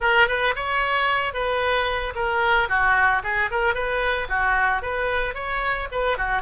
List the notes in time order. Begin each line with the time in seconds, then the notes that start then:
0.00 A#4
0.27 B4
0.55 C#5
1.33 B4
2.15 A#4
2.68 F#4
3.23 G#4
3.51 A#4
3.74 B4
4.29 F#4
4.81 B4
5.34 C#5
5.91 B4
6.17 F#4